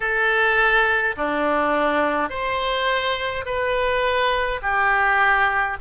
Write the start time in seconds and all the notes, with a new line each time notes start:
0.00 A4
1.16 D4
2.29 C5
3.45 B4
4.62 G4